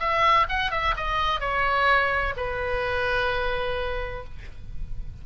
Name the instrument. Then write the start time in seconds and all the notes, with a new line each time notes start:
oboe
0.00 E5
0.49 F#5
0.71 E5
0.97 D#5
1.40 C#5
2.37 B4